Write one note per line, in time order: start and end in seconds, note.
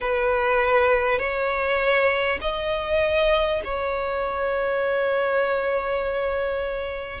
0.01 1.18 B4
1.18 2.38 C#5
2.41 3.61 D#5
3.64 7.20 C#5